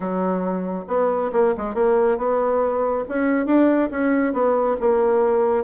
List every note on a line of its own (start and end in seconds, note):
0.00 0.84 F#3
0.87 1.31 B3
1.32 1.54 A#3
1.57 1.74 G#3
1.74 2.17 A#3
2.17 3.04 B3
3.08 3.46 C#4
3.46 3.89 D4
3.90 4.33 C#4
4.33 4.76 B3
4.80 5.64 A#3